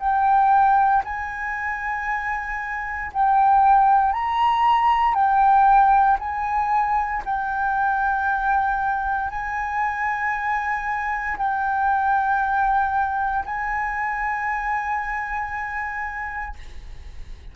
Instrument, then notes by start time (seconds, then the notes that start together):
flute
0.00 G5
1.05 G#5
3.13 G5
4.13 A#5
5.14 G5
6.20 G#5
7.26 G5
9.31 G#5
11.38 G5
13.46 G#5